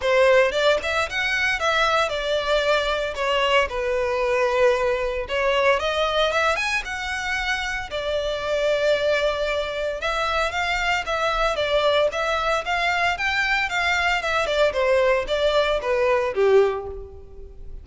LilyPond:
\new Staff \with { instrumentName = "violin" } { \time 4/4 \tempo 4 = 114 c''4 d''8 e''8 fis''4 e''4 | d''2 cis''4 b'4~ | b'2 cis''4 dis''4 | e''8 gis''8 fis''2 d''4~ |
d''2. e''4 | f''4 e''4 d''4 e''4 | f''4 g''4 f''4 e''8 d''8 | c''4 d''4 b'4 g'4 | }